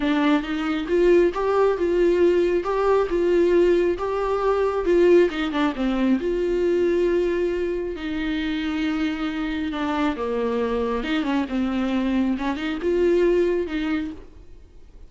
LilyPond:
\new Staff \with { instrumentName = "viola" } { \time 4/4 \tempo 4 = 136 d'4 dis'4 f'4 g'4 | f'2 g'4 f'4~ | f'4 g'2 f'4 | dis'8 d'8 c'4 f'2~ |
f'2 dis'2~ | dis'2 d'4 ais4~ | ais4 dis'8 cis'8 c'2 | cis'8 dis'8 f'2 dis'4 | }